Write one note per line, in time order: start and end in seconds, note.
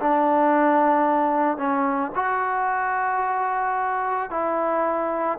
0.00 1.58 D4
1.58 2.12 C#4
2.15 4.31 F#4
4.31 5.39 E4